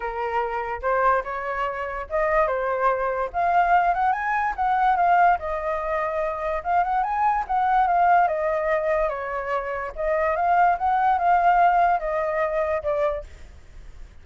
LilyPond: \new Staff \with { instrumentName = "flute" } { \time 4/4 \tempo 4 = 145 ais'2 c''4 cis''4~ | cis''4 dis''4 c''2 | f''4. fis''8 gis''4 fis''4 | f''4 dis''2. |
f''8 fis''8 gis''4 fis''4 f''4 | dis''2 cis''2 | dis''4 f''4 fis''4 f''4~ | f''4 dis''2 d''4 | }